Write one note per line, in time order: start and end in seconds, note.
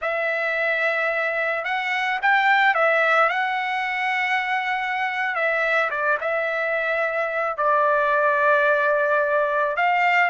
0.01 1.64 E5
1.64 2.19 F#5
2.22 2.74 G5
2.74 3.29 E5
3.29 5.35 F#5
5.35 5.90 E5
5.90 6.18 D5
6.21 7.57 E5
7.57 9.76 D5
9.76 10.30 F5